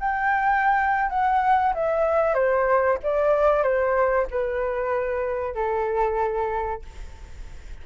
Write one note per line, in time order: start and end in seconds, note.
0.00 1.10 G5
1.10 1.74 F#5
1.75 2.34 E5
2.34 2.98 C5
3.03 3.64 D5
3.64 4.27 C5
4.31 5.55 B4
5.55 6.83 A4